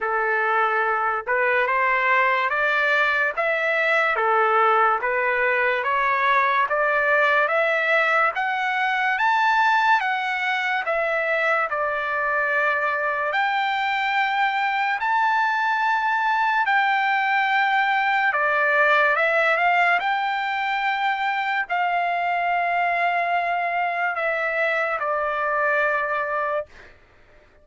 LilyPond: \new Staff \with { instrumentName = "trumpet" } { \time 4/4 \tempo 4 = 72 a'4. b'8 c''4 d''4 | e''4 a'4 b'4 cis''4 | d''4 e''4 fis''4 a''4 | fis''4 e''4 d''2 |
g''2 a''2 | g''2 d''4 e''8 f''8 | g''2 f''2~ | f''4 e''4 d''2 | }